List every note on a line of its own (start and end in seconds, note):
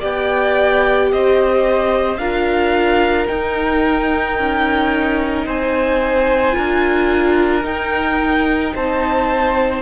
0.00 1.12 B3
0.00 2.18 G4
0.00 1.09 D5
0.00 1.12 G5
1.12 2.18 C4
1.12 2.20 C5
1.12 2.18 D#5
2.18 3.27 D4
2.18 3.28 F4
2.18 5.46 A#4
2.18 3.27 F5
3.27 6.52 D#4
3.27 4.38 D#4
3.27 5.45 G5
4.38 5.46 C#4
5.46 6.55 C4
5.46 6.55 C5
5.46 7.65 G#5
6.52 7.65 D4
6.52 7.61 F4
6.52 8.73 A#4
7.63 9.82 D#4
7.63 8.74 D#4
7.63 8.74 G5
8.75 9.82 C4
8.75 9.82 C5
8.75 9.82 A5